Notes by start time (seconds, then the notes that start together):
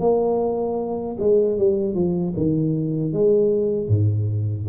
0.00 A#3
1.20 G#3
1.58 G3
1.95 F3
2.37 D#3
3.13 G#3
3.89 G#2